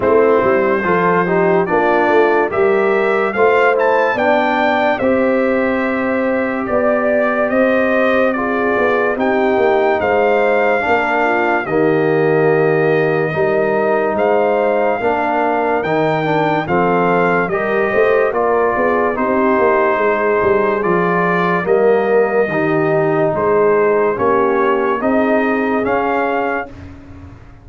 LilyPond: <<
  \new Staff \with { instrumentName = "trumpet" } { \time 4/4 \tempo 4 = 72 c''2 d''4 e''4 | f''8 a''8 g''4 e''2 | d''4 dis''4 d''4 g''4 | f''2 dis''2~ |
dis''4 f''2 g''4 | f''4 dis''4 d''4 c''4~ | c''4 d''4 dis''2 | c''4 cis''4 dis''4 f''4 | }
  \new Staff \with { instrumentName = "horn" } { \time 4/4 e'4 a'8 g'8 f'4 ais'4 | c''4 d''4 c''2 | d''4 c''4 gis'4 g'4 | c''4 ais'8 f'8 g'2 |
ais'4 c''4 ais'2 | a'4 ais'8 c''8 ais'8 gis'8 g'4 | gis'2 ais'4 g'4 | gis'4 g'4 gis'2 | }
  \new Staff \with { instrumentName = "trombone" } { \time 4/4 c'4 f'8 dis'8 d'4 g'4 | f'8 e'8 d'4 g'2~ | g'2 f'4 dis'4~ | dis'4 d'4 ais2 |
dis'2 d'4 dis'8 d'8 | c'4 g'4 f'4 dis'4~ | dis'4 f'4 ais4 dis'4~ | dis'4 cis'4 dis'4 cis'4 | }
  \new Staff \with { instrumentName = "tuba" } { \time 4/4 a8 g8 f4 ais8 a8 g4 | a4 b4 c'2 | b4 c'4. b8 c'8 ais8 | gis4 ais4 dis2 |
g4 gis4 ais4 dis4 | f4 g8 a8 ais8 b8 c'8 ais8 | gis8 g8 f4 g4 dis4 | gis4 ais4 c'4 cis'4 | }
>>